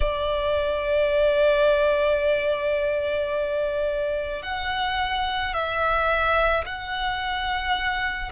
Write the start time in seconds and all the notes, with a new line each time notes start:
0.00 D5
4.42 F#5
5.53 E5
6.65 F#5